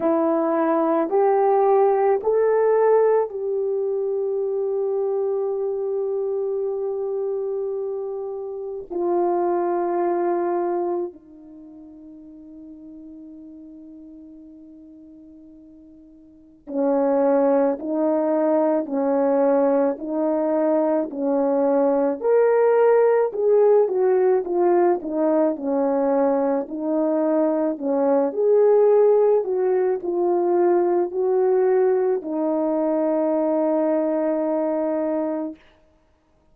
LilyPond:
\new Staff \with { instrumentName = "horn" } { \time 4/4 \tempo 4 = 54 e'4 g'4 a'4 g'4~ | g'1 | f'2 dis'2~ | dis'2. cis'4 |
dis'4 cis'4 dis'4 cis'4 | ais'4 gis'8 fis'8 f'8 dis'8 cis'4 | dis'4 cis'8 gis'4 fis'8 f'4 | fis'4 dis'2. | }